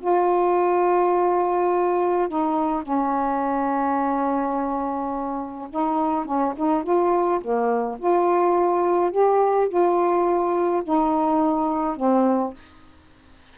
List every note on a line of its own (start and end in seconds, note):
0.00 2.28 F4
2.28 2.82 D#4
2.82 5.68 C#4
5.70 6.25 D#4
6.25 6.53 C#4
6.56 6.83 D#4
6.83 7.40 F4
7.40 7.97 A#3
7.98 9.11 F4
9.11 9.68 G4
9.68 10.82 F4
10.83 11.96 D#4
11.96 12.53 C4